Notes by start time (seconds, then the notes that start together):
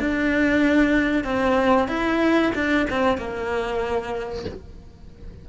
0.00 D4
1.24 C4
1.89 E4
2.55 D4
2.90 C4
3.18 A#3